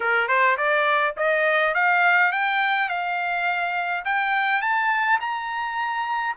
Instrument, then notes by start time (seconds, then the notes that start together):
trumpet
0.00 A#4
0.27 C5
0.57 D5
1.16 D#5
1.74 F5
2.32 G5
2.88 F5
4.04 G5
4.61 A5
5.20 A#5